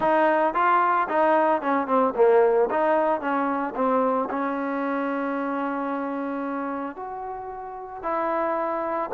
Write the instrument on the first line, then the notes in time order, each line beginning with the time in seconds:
trombone
0.00 D#4
0.54 F4
1.08 D#4
1.61 C#4
1.87 C4
2.15 A#3
2.70 D#4
3.20 C#4
3.75 C4
4.30 C#4
6.95 F#4
8.02 E4